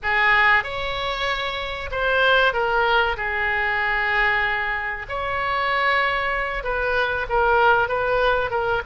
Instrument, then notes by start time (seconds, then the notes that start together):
oboe
0.02 G#4
0.63 C#5
1.91 C5
2.53 A#4
3.17 G#4
5.08 C#5
6.63 B4
7.29 A#4
7.88 B4
8.50 A#4